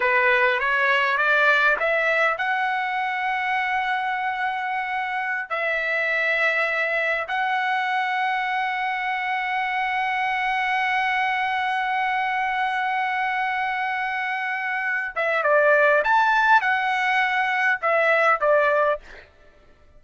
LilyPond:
\new Staff \with { instrumentName = "trumpet" } { \time 4/4 \tempo 4 = 101 b'4 cis''4 d''4 e''4 | fis''1~ | fis''4~ fis''16 e''2~ e''8.~ | e''16 fis''2.~ fis''8.~ |
fis''1~ | fis''1~ | fis''4. e''8 d''4 a''4 | fis''2 e''4 d''4 | }